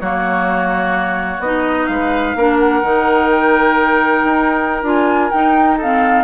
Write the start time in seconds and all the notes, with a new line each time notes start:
0.00 F#3 A#3 F#4 C#5
1.39 B3 D#4 D#5
1.87 G#3 B4 F5
2.35 A#3 D4 A#4
2.58 F#5
2.82 D#3 D#4
3.30 G5
4.24 D#4
4.82 D4 F4 G#5
5.30 D#4 G5
5.77 C4 A4 F5